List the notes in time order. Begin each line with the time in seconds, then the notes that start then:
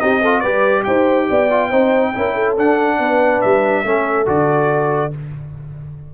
0.00 C4 D#4 G4 D#5
0.22 F4 A4
0.40 G3 G4 B4 D5
0.84 D#4 C5 G5
1.30 B3 D5
1.51 F4
1.70 C4 D#4 C5
2.15 C#4 E4 A#4
2.35 A4
2.58 D4 F#5
2.99 B3 B4
3.42 G3 E5
3.85 A3 C#4 A4
4.26 D3 F#4 D5